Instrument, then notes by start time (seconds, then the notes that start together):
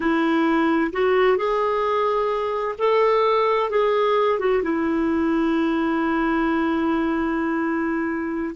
clarinet
0.00 E4
0.92 F#4
1.37 G#4
2.78 A4
3.69 G#4
4.39 F#4
4.62 E4